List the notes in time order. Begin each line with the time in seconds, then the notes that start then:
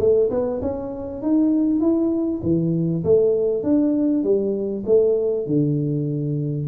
0.00 A3
0.31 B3
0.62 C#4
1.23 D#4
1.81 E4
2.43 E3
3.04 A3
3.63 D4
4.24 G3
4.86 A3
5.47 D3